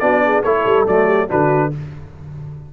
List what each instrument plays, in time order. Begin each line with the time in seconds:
0.00 tuba B3, trombone D4, horn F#4, trumpet D5
0.25 horn G#4
0.44 tuba A3, trombone E4, horn A4, trumpet C#5
0.66 tuba G3
0.87 tuba F#3, trombone A3, trumpet D5
1.06 horn G4
1.29 tuba D3, trombone D4, horn F#4, trumpet B4